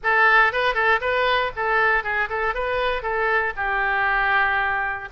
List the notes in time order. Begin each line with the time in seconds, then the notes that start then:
0.03 A4
0.52 B4
0.74 A4
1.00 B4
1.56 A4
2.03 G#4
2.29 A4
2.54 B4
3.02 A4
3.56 G4